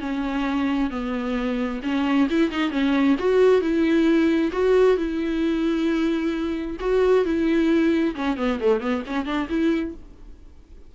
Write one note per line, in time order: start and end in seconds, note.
0.00 0.90 C#4
0.90 1.81 B3
1.83 2.28 C#4
2.29 2.51 E4
2.51 2.71 D#4
2.71 3.16 C#4
3.19 3.61 F#4
3.61 4.51 E4
4.52 4.97 F#4
4.97 6.77 E4
6.80 7.24 F#4
7.24 8.15 E4
8.15 8.37 C#4
8.37 8.59 B3
8.60 8.80 A3
8.80 9.03 B3
9.07 9.25 C#4
9.25 9.48 D4
9.49 9.94 E4